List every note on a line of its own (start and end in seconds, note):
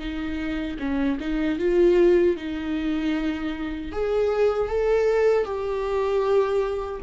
0.00 0.78 D#4
0.80 1.19 C#4
1.21 1.59 D#4
1.59 2.37 F4
2.37 3.92 D#4
3.92 4.69 G#4
4.69 5.45 A4
5.45 7.01 G4